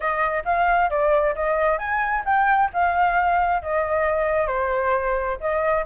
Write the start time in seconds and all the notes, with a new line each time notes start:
0.00 D#5
0.44 F5
0.89 D5
1.35 D#5
1.78 G#5
2.25 G5
2.73 F5
3.62 D#5
4.47 C5
5.40 D#5